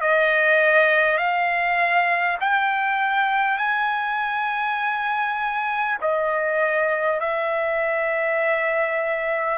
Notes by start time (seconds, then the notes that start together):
0.00 D#5
1.17 F5
2.40 G5
3.58 G#5
6.01 D#5
7.20 E5